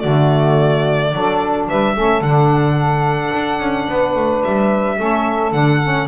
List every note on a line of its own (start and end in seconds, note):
0.00 1.14 D3
0.00 1.13 A3
0.00 1.10 F#4
0.00 1.65 D5
1.14 1.69 F#3
1.14 1.95 D4
1.14 1.69 A4
1.69 1.97 G3
1.69 1.96 B4
1.69 2.23 E5
1.95 2.21 A3
1.95 2.22 C#4
1.95 3.88 A4
2.21 3.32 D3
2.21 4.97 D4
2.21 4.43 F#5
3.35 3.60 D4
3.60 3.87 C#4
3.88 4.16 B3
3.88 4.98 B4
4.16 4.43 A3
4.44 5.00 G3
4.44 5.53 E5
4.97 5.53 A3
4.97 5.52 C#4
4.97 6.08 A4
5.53 6.08 D3
5.53 5.80 D4
5.53 6.08 F#5
5.83 6.08 C#4